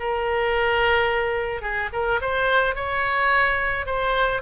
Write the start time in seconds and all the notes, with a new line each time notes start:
0.00 A#4
1.62 G#4
1.93 A#4
2.21 C5
2.76 C#5
3.86 C5